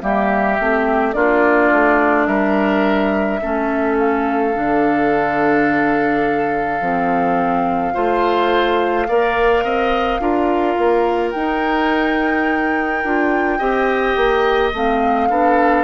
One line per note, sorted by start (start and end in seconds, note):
0.00 0.59 G3
0.00 0.57 A#3
0.00 1.15 G4
0.00 1.13 E5
0.60 1.15 A3
0.60 1.14 C4
1.13 1.71 A#3
1.13 3.40 D4
1.13 2.27 F4
1.13 2.27 D5
1.72 2.27 A3
2.27 3.40 G3
2.27 3.40 A#4
2.27 3.96 E5
3.41 4.57 A3
3.41 4.54 C#4
3.41 7.94 A4
3.99 11.30 F5
4.54 6.80 D3
4.54 6.81 D4
6.80 7.94 F3
6.80 7.94 C4
7.94 9.09 A3
7.94 9.07 F4
7.94 9.07 C5
9.08 9.64 A#3
9.08 10.21 A#4
9.08 9.64 D5
9.64 10.20 C4
9.64 10.21 D#5
10.20 10.76 D4
10.20 11.34 F4
10.20 13.58 A#4
10.77 11.33 A#3
11.30 13.04 D#4
11.30 14.70 G5
13.04 13.60 D4
13.04 13.59 F4
13.58 14.16 C4
13.58 14.73 G4
13.58 15.28 D#5
14.16 14.73 A#3
14.74 15.29 A3
14.74 15.30 C4
14.74 15.84 F5
15.29 15.84 B3
15.29 15.84 D4
15.29 15.84 A4